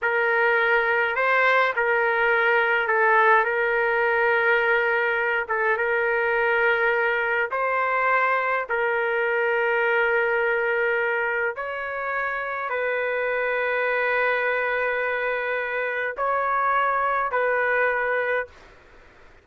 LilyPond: \new Staff \with { instrumentName = "trumpet" } { \time 4/4 \tempo 4 = 104 ais'2 c''4 ais'4~ | ais'4 a'4 ais'2~ | ais'4. a'8 ais'2~ | ais'4 c''2 ais'4~ |
ais'1 | cis''2 b'2~ | b'1 | cis''2 b'2 | }